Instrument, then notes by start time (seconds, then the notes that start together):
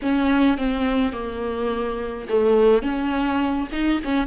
viola
0.02 C#4
0.57 C4
1.12 A#3
2.29 A3
2.82 C#4
3.71 D#4
4.04 C#4